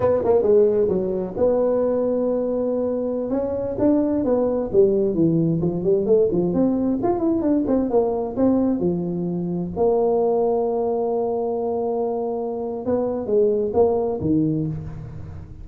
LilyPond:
\new Staff \with { instrumentName = "tuba" } { \time 4/4 \tempo 4 = 131 b8 ais8 gis4 fis4 b4~ | b2.~ b16 cis'8.~ | cis'16 d'4 b4 g4 e8.~ | e16 f8 g8 a8 f8 c'4 f'8 e'16~ |
e'16 d'8 c'8 ais4 c'4 f8.~ | f4~ f16 ais2~ ais8.~ | ais1 | b4 gis4 ais4 dis4 | }